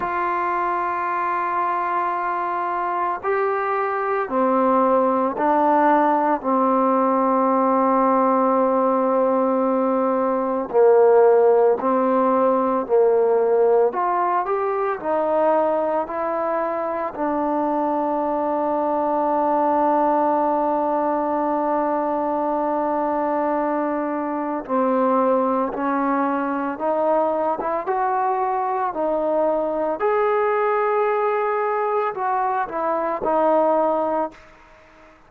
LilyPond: \new Staff \with { instrumentName = "trombone" } { \time 4/4 \tempo 4 = 56 f'2. g'4 | c'4 d'4 c'2~ | c'2 ais4 c'4 | ais4 f'8 g'8 dis'4 e'4 |
d'1~ | d'2. c'4 | cis'4 dis'8. e'16 fis'4 dis'4 | gis'2 fis'8 e'8 dis'4 | }